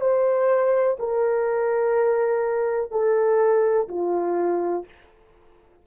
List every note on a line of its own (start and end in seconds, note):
0.00 0.97 C5
0.99 2.91 A#4
2.91 3.88 A4
3.88 4.85 F4